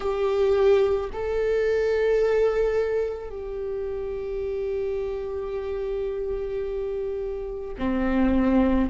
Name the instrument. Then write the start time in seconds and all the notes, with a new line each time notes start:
viola
0.00 G4
1.13 A4
3.29 G4
7.78 C4